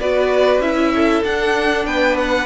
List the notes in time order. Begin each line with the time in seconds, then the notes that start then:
0.00 B3 F#4 B4 D5
0.59 C#4 E4 E5
0.95 A4
1.24 D4 F#5
1.85 B3 B4 G5
2.18 F#5